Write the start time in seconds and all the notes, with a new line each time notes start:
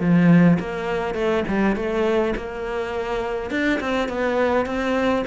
0.00 F3
0.60 A#3
1.15 A3
1.48 G3
1.76 A3
2.36 A#3
3.51 D4
3.80 C4
4.09 B3
4.66 C4